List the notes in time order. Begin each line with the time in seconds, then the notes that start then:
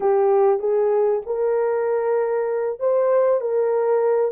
0.00 G4
0.59 G#4
1.26 A#4
2.79 C5
3.40 A#4